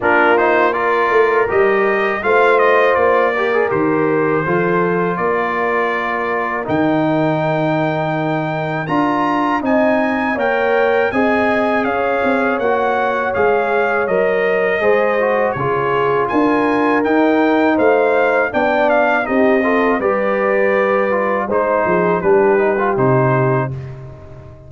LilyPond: <<
  \new Staff \with { instrumentName = "trumpet" } { \time 4/4 \tempo 4 = 81 ais'8 c''8 d''4 dis''4 f''8 dis''8 | d''4 c''2 d''4~ | d''4 g''2. | ais''4 gis''4 g''4 gis''4 |
f''4 fis''4 f''4 dis''4~ | dis''4 cis''4 gis''4 g''4 | f''4 g''8 f''8 dis''4 d''4~ | d''4 c''4 b'4 c''4 | }
  \new Staff \with { instrumentName = "horn" } { \time 4/4 f'4 ais'2 c''4~ | c''8 ais'4. a'4 ais'4~ | ais'1~ | ais'4 dis''4 cis''4 dis''4 |
cis''1 | c''4 gis'4 ais'2 | c''4 d''4 g'8 a'8 b'4~ | b'4 c''8 gis'8 g'2 | }
  \new Staff \with { instrumentName = "trombone" } { \time 4/4 d'8 dis'8 f'4 g'4 f'4~ | f'8 g'16 gis'16 g'4 f'2~ | f'4 dis'2. | f'4 dis'4 ais'4 gis'4~ |
gis'4 fis'4 gis'4 ais'4 | gis'8 fis'8 f'2 dis'4~ | dis'4 d'4 dis'8 f'8 g'4~ | g'8 f'8 dis'4 d'8 dis'16 f'16 dis'4 | }
  \new Staff \with { instrumentName = "tuba" } { \time 4/4 ais4. a8 g4 a4 | ais4 dis4 f4 ais4~ | ais4 dis2. | d'4 c'4 ais4 c'4 |
cis'8 c'8 ais4 gis4 fis4 | gis4 cis4 d'4 dis'4 | a4 b4 c'4 g4~ | g4 gis8 f8 g4 c4 | }
>>